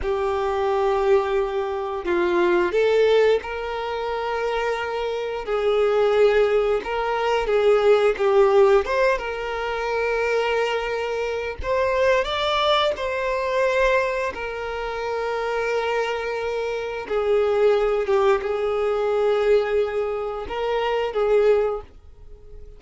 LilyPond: \new Staff \with { instrumentName = "violin" } { \time 4/4 \tempo 4 = 88 g'2. f'4 | a'4 ais'2. | gis'2 ais'4 gis'4 | g'4 c''8 ais'2~ ais'8~ |
ais'4 c''4 d''4 c''4~ | c''4 ais'2.~ | ais'4 gis'4. g'8 gis'4~ | gis'2 ais'4 gis'4 | }